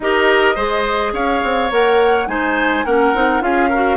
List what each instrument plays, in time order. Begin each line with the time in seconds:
0.00 bassoon D#4, clarinet G4, oboe A#4, flute D#5
0.55 bassoon G#3, clarinet G#4, oboe C5
1.12 bassoon C#4, oboe C#5, flute F5
1.43 bassoon C4
1.70 bassoon A#3, clarinet A#4, flute F#5
2.27 bassoon G#3, clarinet D#4, oboe C5, flute G#5
2.84 bassoon A#3, clarinet C#4, oboe A#4, flute F#5
3.14 bassoon C4, clarinet D#4
3.40 bassoon C#4, clarinet F4, oboe G#4, flute F5
3.69 clarinet F#4, oboe A#4